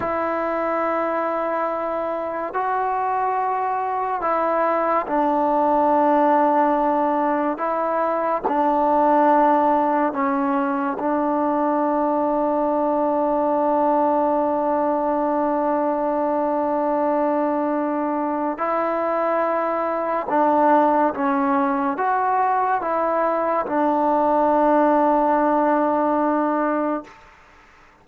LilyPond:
\new Staff \with { instrumentName = "trombone" } { \time 4/4 \tempo 4 = 71 e'2. fis'4~ | fis'4 e'4 d'2~ | d'4 e'4 d'2 | cis'4 d'2.~ |
d'1~ | d'2 e'2 | d'4 cis'4 fis'4 e'4 | d'1 | }